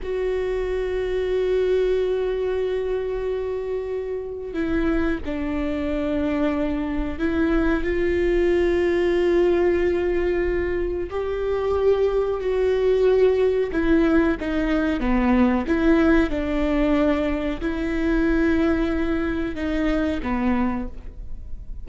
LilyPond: \new Staff \with { instrumentName = "viola" } { \time 4/4 \tempo 4 = 92 fis'1~ | fis'2. e'4 | d'2. e'4 | f'1~ |
f'4 g'2 fis'4~ | fis'4 e'4 dis'4 b4 | e'4 d'2 e'4~ | e'2 dis'4 b4 | }